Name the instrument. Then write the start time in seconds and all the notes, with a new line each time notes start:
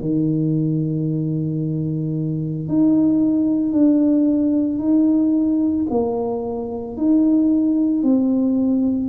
tuba
0.00 D#3
2.68 D#4
3.73 D4
4.79 D#4
5.90 A#3
6.97 D#4
8.03 C4